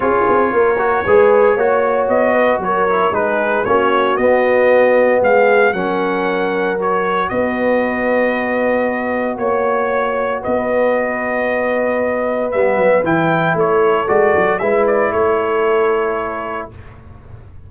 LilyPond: <<
  \new Staff \with { instrumentName = "trumpet" } { \time 4/4 \tempo 4 = 115 cis''1 | dis''4 cis''4 b'4 cis''4 | dis''2 f''4 fis''4~ | fis''4 cis''4 dis''2~ |
dis''2 cis''2 | dis''1 | e''4 g''4 cis''4 d''4 | e''8 d''8 cis''2. | }
  \new Staff \with { instrumentName = "horn" } { \time 4/4 gis'4 ais'4 b'4 cis''4~ | cis''8 b'8 ais'4 gis'4 fis'4~ | fis'2 gis'4 ais'4~ | ais'2 b'2~ |
b'2 cis''2 | b'1~ | b'2 a'2 | b'4 a'2. | }
  \new Staff \with { instrumentName = "trombone" } { \time 4/4 f'4. fis'8 gis'4 fis'4~ | fis'4. e'8 dis'4 cis'4 | b2. cis'4~ | cis'4 fis'2.~ |
fis'1~ | fis'1 | b4 e'2 fis'4 | e'1 | }
  \new Staff \with { instrumentName = "tuba" } { \time 4/4 cis'8 c'8 ais4 gis4 ais4 | b4 fis4 gis4 ais4 | b2 gis4 fis4~ | fis2 b2~ |
b2 ais2 | b1 | g8 fis8 e4 a4 gis8 fis8 | gis4 a2. | }
>>